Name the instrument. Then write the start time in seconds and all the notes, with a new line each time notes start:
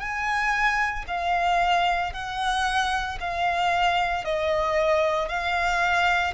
violin
0.00 G#5
1.08 F5
2.13 F#5
3.20 F5
4.25 D#5
5.29 F5